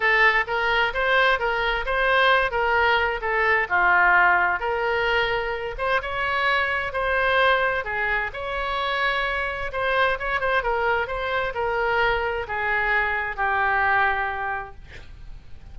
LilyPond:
\new Staff \with { instrumentName = "oboe" } { \time 4/4 \tempo 4 = 130 a'4 ais'4 c''4 ais'4 | c''4. ais'4. a'4 | f'2 ais'2~ | ais'8 c''8 cis''2 c''4~ |
c''4 gis'4 cis''2~ | cis''4 c''4 cis''8 c''8 ais'4 | c''4 ais'2 gis'4~ | gis'4 g'2. | }